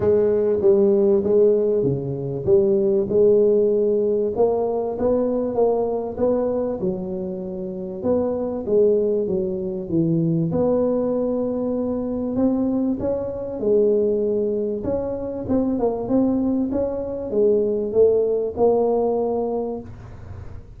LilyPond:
\new Staff \with { instrumentName = "tuba" } { \time 4/4 \tempo 4 = 97 gis4 g4 gis4 cis4 | g4 gis2 ais4 | b4 ais4 b4 fis4~ | fis4 b4 gis4 fis4 |
e4 b2. | c'4 cis'4 gis2 | cis'4 c'8 ais8 c'4 cis'4 | gis4 a4 ais2 | }